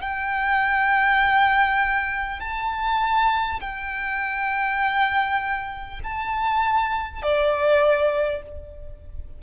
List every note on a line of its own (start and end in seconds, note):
0.00 2.39 G5
2.39 3.59 A5
3.60 6.00 G5
6.03 7.22 A5
7.22 8.42 D5